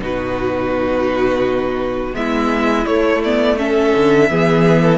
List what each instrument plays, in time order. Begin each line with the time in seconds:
0.00 cello B2, viola D#4, violin F#4 B4
2.14 cello G#3, viola B3, violin E4 E5
2.86 cello A3, viola A3, violin C#5
3.24 viola B3, violin D5
3.57 viola C#4, violin A4 E5
3.95 cello D3
4.30 cello E3, viola B3, violin G#4
4.82 violin A4